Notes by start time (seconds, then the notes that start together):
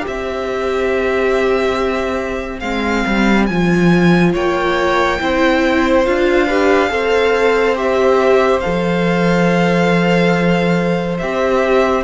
0.00 G4
0.07 C4 C5 E5
2.59 G#3 C4 F5
3.06 G3
3.46 F3 F4 G#5
4.33 A#3 C#5 G5
5.19 C4 E4 C5
6.05 D4 F4 F5
6.46 G4 B4
6.89 C4 A4 C5
7.75 G4 E5
8.60 F3 A4 F5
11.18 C4 G4 E5